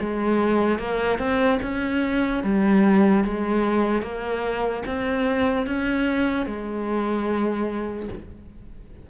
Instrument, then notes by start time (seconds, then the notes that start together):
cello
0.00 G#3
0.79 A#3
1.18 C4
1.62 C#4
2.43 G3
3.24 G#3
4.02 A#3
4.86 C4
5.66 C#4
6.46 G#3